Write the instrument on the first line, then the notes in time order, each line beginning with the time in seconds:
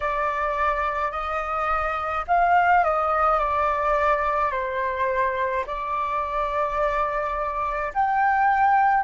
flute
0.00 D5
1.11 D#5
2.27 F5
2.84 D#5
3.39 D5
4.51 C5
5.66 D5
7.93 G5